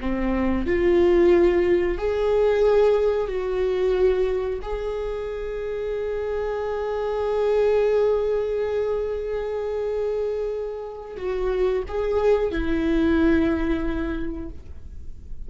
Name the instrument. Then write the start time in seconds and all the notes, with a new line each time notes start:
viola
0.00 C4
0.66 F4
1.98 G#4
3.27 F#4
4.62 G#4
11.17 F#4
11.88 G#4
12.51 E4